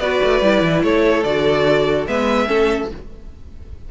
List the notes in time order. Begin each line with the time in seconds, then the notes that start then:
0.00 B3 F#4 B4 D5
0.24 A3
0.42 G3 E4
0.63 E3
0.83 A3 A4 C#5
1.24 D3 F#4 D5
2.08 G#3 B3 B4 E5
2.46 A3 C#4 A4